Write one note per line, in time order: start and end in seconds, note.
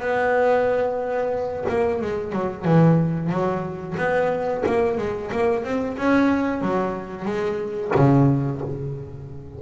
0.00 1.65 B3
1.69 2.01 A#3
2.01 2.32 G#3
2.32 2.65 F#3
2.65 3.29 E3
3.29 3.95 F#3
3.98 4.64 B3
4.66 4.98 A#3
4.98 5.30 G#3
5.31 5.64 A#3
5.64 5.97 C4
5.97 6.62 C#4
6.62 7.25 F#3
7.25 7.91 G#3
7.95 8.61 C#3